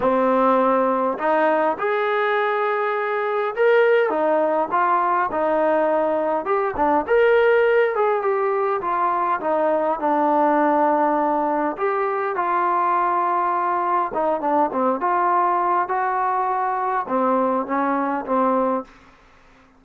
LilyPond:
\new Staff \with { instrumentName = "trombone" } { \time 4/4 \tempo 4 = 102 c'2 dis'4 gis'4~ | gis'2 ais'4 dis'4 | f'4 dis'2 g'8 d'8 | ais'4. gis'8 g'4 f'4 |
dis'4 d'2. | g'4 f'2. | dis'8 d'8 c'8 f'4. fis'4~ | fis'4 c'4 cis'4 c'4 | }